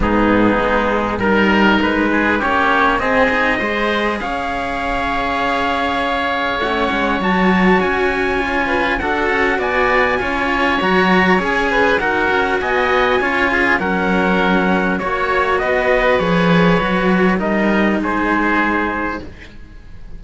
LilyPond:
<<
  \new Staff \with { instrumentName = "trumpet" } { \time 4/4 \tempo 4 = 100 gis'2 ais'4 b'4 | cis''4 dis''2 f''4~ | f''2. fis''4 | a''4 gis''2 fis''4 |
gis''2 ais''4 gis''4 | fis''4 gis''2 fis''4~ | fis''4 cis''4 dis''4 cis''4~ | cis''4 dis''4 c''2 | }
  \new Staff \with { instrumentName = "oboe" } { \time 4/4 dis'2 ais'4. gis'8 | g'4 gis'4 c''4 cis''4~ | cis''1~ | cis''2~ cis''8 b'8 a'4 |
d''4 cis''2~ cis''8 b'8 | ais'4 dis''4 cis''8 gis'8 ais'4~ | ais'4 cis''4 b'2~ | b'4 ais'4 gis'2 | }
  \new Staff \with { instrumentName = "cello" } { \time 4/4 b2 dis'2 | cis'4 c'8 dis'8 gis'2~ | gis'2. cis'4 | fis'2 f'4 fis'4~ |
fis'4 f'4 fis'4 gis'4 | fis'2 f'4 cis'4~ | cis'4 fis'2 gis'4 | fis'4 dis'2. | }
  \new Staff \with { instrumentName = "cello" } { \time 4/4 gis,4 gis4 g4 gis4 | ais4 c'4 gis4 cis'4~ | cis'2. a8 gis8 | fis4 cis'2 d'8 cis'8 |
b4 cis'4 fis4 cis'4 | dis'8 cis'8 b4 cis'4 fis4~ | fis4 ais4 b4 f4 | fis4 g4 gis2 | }
>>